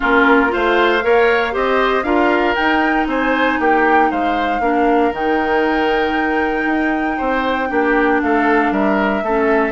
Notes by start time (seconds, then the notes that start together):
0.00 A#3 C#4 F4 A#4
0.48 F4 C5 F5
0.54 A3
1.01 A#3 A#4 C#5
1.51 C4 G4 C5 D#5
2.03 D4 F4 A#4 F5
2.55 D#4 G5
3.07 C4 C5 G#5
3.59 A#3 G4 G5
4.10 G#3 C5 F5
4.59 A#3 D4 A#4
5.12 D#3 D#4 G5
6.65 D#4
7.17 C4 C5
7.68 A#3 D4 G4
8.22 A3 A4 F5
8.71 G3 A#4 E5
9.22 A3 C#4 A4